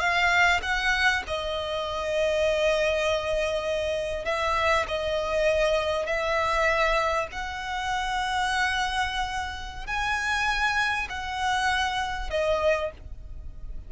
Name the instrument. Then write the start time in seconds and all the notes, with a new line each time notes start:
violin
0.00 F5
0.62 F#5
1.27 D#5
4.25 E5
4.88 D#5
6.06 E5
7.32 F#5
9.87 G#5
11.09 F#5
12.30 D#5